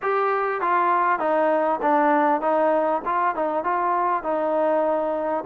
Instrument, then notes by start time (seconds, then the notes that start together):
trombone
0.02 G4
0.61 F4
1.19 D#4
1.82 D4
2.41 D#4
3.05 F4
3.35 D#4
3.64 F4
4.23 D#4